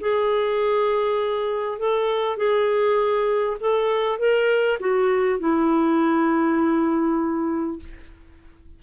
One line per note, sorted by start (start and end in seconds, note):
0.00 1.78 G#4
1.78 2.37 A4
2.37 3.57 G#4
3.60 4.19 A4
4.19 4.79 A#4
4.79 5.39 F#4
5.39 7.79 E4